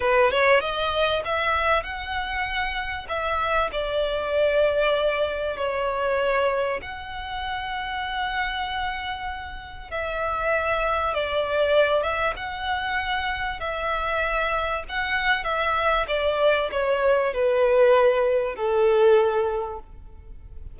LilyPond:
\new Staff \with { instrumentName = "violin" } { \time 4/4 \tempo 4 = 97 b'8 cis''8 dis''4 e''4 fis''4~ | fis''4 e''4 d''2~ | d''4 cis''2 fis''4~ | fis''1 |
e''2 d''4. e''8 | fis''2 e''2 | fis''4 e''4 d''4 cis''4 | b'2 a'2 | }